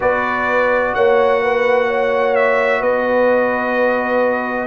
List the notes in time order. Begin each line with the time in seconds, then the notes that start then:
0.00 B3 F#4 B4 D5
0.94 A#3 C#5 F#5
1.42 B4
1.87 C#5
2.35 E5
2.80 B3 B4 D#5